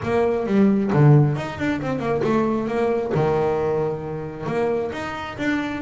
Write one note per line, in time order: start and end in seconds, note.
0.03 0.46 A#3
0.46 0.91 G3
0.92 1.36 D3
1.36 1.58 D#4
1.58 1.80 D4
1.81 1.99 C4
1.99 2.21 A#3
2.24 2.67 A3
2.67 3.12 A#3
3.14 4.46 D#3
4.46 4.91 A#3
4.92 5.37 D#4
5.37 5.81 D4